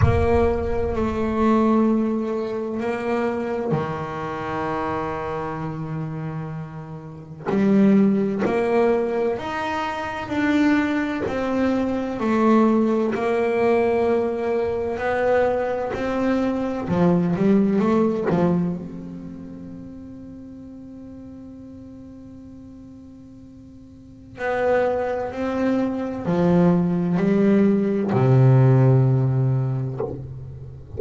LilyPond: \new Staff \with { instrumentName = "double bass" } { \time 4/4 \tempo 4 = 64 ais4 a2 ais4 | dis1 | g4 ais4 dis'4 d'4 | c'4 a4 ais2 |
b4 c'4 f8 g8 a8 f8 | c'1~ | c'2 b4 c'4 | f4 g4 c2 | }